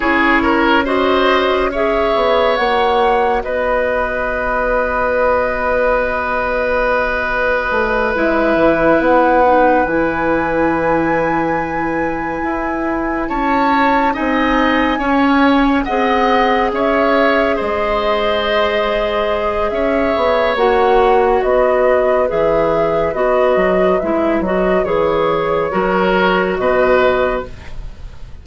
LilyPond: <<
  \new Staff \with { instrumentName = "flute" } { \time 4/4 \tempo 4 = 70 cis''4 dis''4 e''4 fis''4 | dis''1~ | dis''4. e''4 fis''4 gis''8~ | gis''2.~ gis''8 a''8~ |
a''8 gis''2 fis''4 e''8~ | e''8 dis''2~ dis''8 e''4 | fis''4 dis''4 e''4 dis''4 | e''8 dis''8 cis''2 dis''4 | }
  \new Staff \with { instrumentName = "oboe" } { \time 4/4 gis'8 ais'8 c''4 cis''2 | b'1~ | b'1~ | b'2.~ b'8 cis''8~ |
cis''8 dis''4 cis''4 dis''4 cis''8~ | cis''8 c''2~ c''8 cis''4~ | cis''4 b'2.~ | b'2 ais'4 b'4 | }
  \new Staff \with { instrumentName = "clarinet" } { \time 4/4 e'4 fis'4 gis'4 fis'4~ | fis'1~ | fis'4. e'4. dis'8 e'8~ | e'1~ |
e'8 dis'4 cis'4 gis'4.~ | gis'1 | fis'2 gis'4 fis'4 | e'8 fis'8 gis'4 fis'2 | }
  \new Staff \with { instrumentName = "bassoon" } { \time 4/4 cis'2~ cis'8 b8 ais4 | b1~ | b4 a8 gis8 e8 b4 e8~ | e2~ e8 e'4 cis'8~ |
cis'8 c'4 cis'4 c'4 cis'8~ | cis'8 gis2~ gis8 cis'8 b8 | ais4 b4 e4 b8 fis8 | gis8 fis8 e4 fis4 b,4 | }
>>